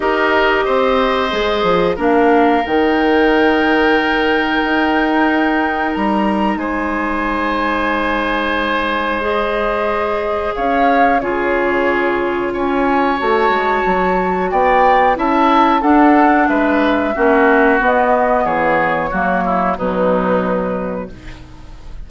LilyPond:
<<
  \new Staff \with { instrumentName = "flute" } { \time 4/4 \tempo 4 = 91 dis''2. f''4 | g''1~ | g''4 ais''4 gis''2~ | gis''2 dis''2 |
f''4 cis''2 gis''4 | a''2 g''4 a''4 | fis''4 e''2 dis''4 | cis''2 b'2 | }
  \new Staff \with { instrumentName = "oboe" } { \time 4/4 ais'4 c''2 ais'4~ | ais'1~ | ais'2 c''2~ | c''1 |
cis''4 gis'2 cis''4~ | cis''2 d''4 e''4 | a'4 b'4 fis'2 | gis'4 fis'8 e'8 dis'2 | }
  \new Staff \with { instrumentName = "clarinet" } { \time 4/4 g'2 gis'4 d'4 | dis'1~ | dis'1~ | dis'2 gis'2~ |
gis'4 f'2. | fis'2. e'4 | d'2 cis'4 b4~ | b4 ais4 fis2 | }
  \new Staff \with { instrumentName = "bassoon" } { \time 4/4 dis'4 c'4 gis8 f8 ais4 | dis2. dis'4~ | dis'4 g4 gis2~ | gis1 |
cis'4 cis2 cis'4 | a8 gis8 fis4 b4 cis'4 | d'4 gis4 ais4 b4 | e4 fis4 b,2 | }
>>